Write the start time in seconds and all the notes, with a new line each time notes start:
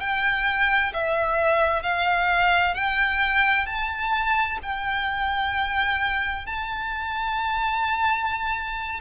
0.00 G5
0.93 E5
1.83 F5
2.74 G5
3.66 A5
4.62 G5
6.46 A5